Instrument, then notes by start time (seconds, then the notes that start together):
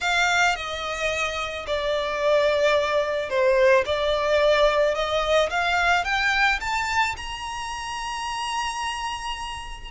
violin
0.01 F5
0.55 D#5
1.67 D5
3.29 C5
3.85 D5
4.94 D#5
5.50 F5
6.04 G5
6.60 A5
7.17 A#5